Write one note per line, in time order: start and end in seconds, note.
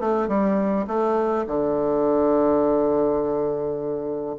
0.00 0.28 A3
0.28 0.86 G3
0.87 1.45 A3
1.47 4.35 D3